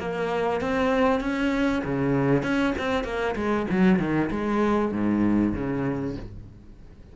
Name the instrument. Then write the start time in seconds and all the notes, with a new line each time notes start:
cello
0.00 A#3
0.61 C4
1.21 C#4
1.85 C#3
2.43 C#4
2.79 C4
3.04 A#3
3.36 G#3
3.71 F#3
4.00 D#3
4.31 G#3
4.92 G#2
5.54 C#3